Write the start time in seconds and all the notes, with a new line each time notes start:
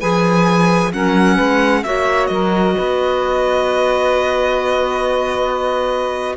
0.00 F3 G#4 B4 G#5
0.93 F#3 C#4 A#4 F#5
1.36 G#3 B4
1.84 A#3 F#4 C#5 E5
2.27 F#3 A#4 D#5
2.77 B3 B4